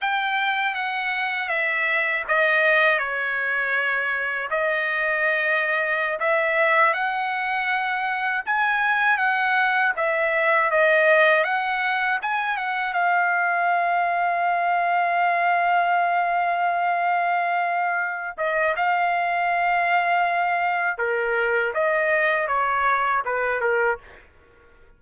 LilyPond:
\new Staff \with { instrumentName = "trumpet" } { \time 4/4 \tempo 4 = 80 g''4 fis''4 e''4 dis''4 | cis''2 dis''2~ | dis''16 e''4 fis''2 gis''8.~ | gis''16 fis''4 e''4 dis''4 fis''8.~ |
fis''16 gis''8 fis''8 f''2~ f''8.~ | f''1~ | f''8 dis''8 f''2. | ais'4 dis''4 cis''4 b'8 ais'8 | }